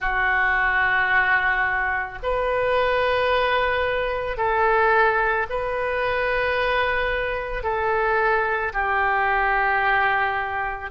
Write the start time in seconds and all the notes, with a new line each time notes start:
0.00 F#4
2.23 B4
4.37 A4
5.49 B4
7.63 A4
8.73 G4